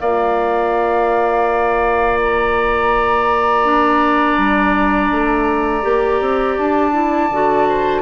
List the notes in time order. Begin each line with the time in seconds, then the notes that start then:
0.00 A#3 F4 D5 F5
2.24 A#5
3.64 D4
4.38 G3
5.11 A3
5.82 A#3 G4
6.21 C4
6.58 D4 A5
6.93 E4
7.31 D3 F#4
7.69 C5